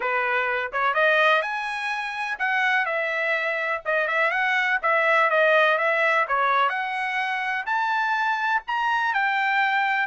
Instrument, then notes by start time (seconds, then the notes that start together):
trumpet
0.00 B4
0.72 C#5
0.94 D#5
1.42 G#5
2.38 F#5
2.85 E5
3.85 D#5
4.07 E5
4.30 F#5
4.82 E5
5.30 D#5
5.78 E5
6.27 C#5
6.69 F#5
7.66 A5
8.67 A#5
9.13 G5